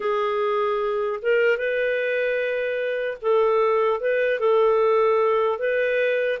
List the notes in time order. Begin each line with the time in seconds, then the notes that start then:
0.00 G#4
1.21 A#4
1.57 B4
3.21 A4
4.00 B4
4.39 A4
5.59 B4